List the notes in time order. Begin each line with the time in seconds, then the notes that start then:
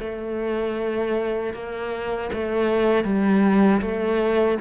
0.00 A3
1.54 A#3
2.34 A3
3.05 G3
3.82 A3